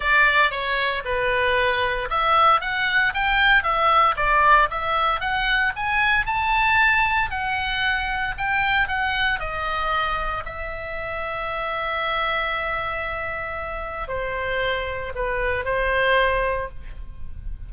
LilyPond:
\new Staff \with { instrumentName = "oboe" } { \time 4/4 \tempo 4 = 115 d''4 cis''4 b'2 | e''4 fis''4 g''4 e''4 | d''4 e''4 fis''4 gis''4 | a''2 fis''2 |
g''4 fis''4 dis''2 | e''1~ | e''2. c''4~ | c''4 b'4 c''2 | }